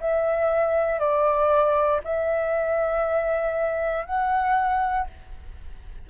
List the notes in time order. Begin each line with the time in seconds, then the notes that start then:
0.00 E5
0.99 D5
2.04 E5
4.05 F#5